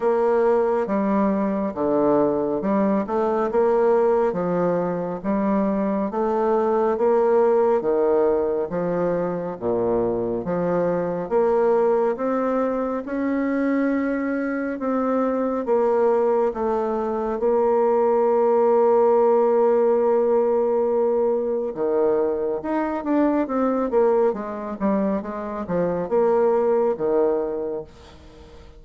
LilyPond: \new Staff \with { instrumentName = "bassoon" } { \time 4/4 \tempo 4 = 69 ais4 g4 d4 g8 a8 | ais4 f4 g4 a4 | ais4 dis4 f4 ais,4 | f4 ais4 c'4 cis'4~ |
cis'4 c'4 ais4 a4 | ais1~ | ais4 dis4 dis'8 d'8 c'8 ais8 | gis8 g8 gis8 f8 ais4 dis4 | }